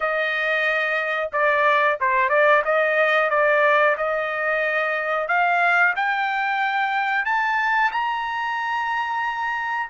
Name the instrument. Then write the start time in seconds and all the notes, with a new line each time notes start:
trumpet
0.00 D#5
1.32 D5
2.00 C5
2.29 D5
2.64 D#5
3.30 D5
3.97 D#5
5.27 F5
5.96 G5
7.25 A5
7.91 A#5